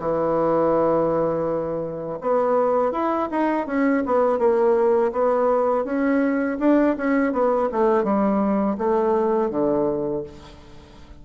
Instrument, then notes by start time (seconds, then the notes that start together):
bassoon
0.00 E3
2.22 B3
2.92 E4
3.32 D#4
3.67 C#4
4.06 B3
4.39 A#3
5.13 B3
5.85 C#4
6.60 D4
6.97 C#4
7.33 B3
7.72 A3
8.04 G3
8.78 A3
9.51 D3